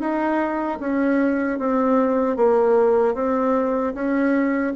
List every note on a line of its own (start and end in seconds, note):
0.00 0.79 D#4
0.80 1.59 C#4
1.59 2.36 C4
2.36 3.15 A#3
3.15 3.94 C4
3.95 4.74 C#4